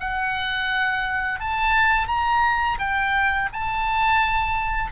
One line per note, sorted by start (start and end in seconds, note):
0.00 1.40 F#5
1.40 2.08 A5
2.08 2.79 A#5
2.79 3.49 G5
3.53 4.92 A5